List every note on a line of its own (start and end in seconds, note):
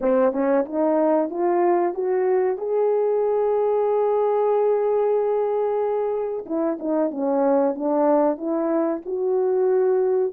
0.00 0.32 C4
0.32 0.65 C#4
0.65 1.29 D#4
1.30 1.94 F4
1.94 2.57 F#4
2.57 6.44 G#4
6.45 6.78 E4
6.79 7.10 D#4
7.10 7.74 C#4
7.74 8.37 D4
8.37 9.01 E4
9.05 10.33 F#4